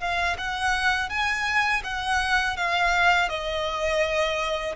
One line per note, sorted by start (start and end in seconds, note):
0.00 0.37 F5
0.38 1.09 F#5
1.09 1.82 G#5
1.84 2.56 F#5
2.56 3.29 F5
3.29 4.75 D#5